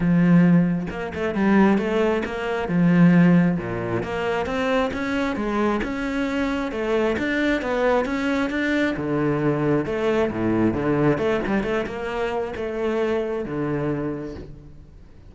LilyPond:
\new Staff \with { instrumentName = "cello" } { \time 4/4 \tempo 4 = 134 f2 ais8 a8 g4 | a4 ais4 f2 | ais,4 ais4 c'4 cis'4 | gis4 cis'2 a4 |
d'4 b4 cis'4 d'4 | d2 a4 a,4 | d4 a8 g8 a8 ais4. | a2 d2 | }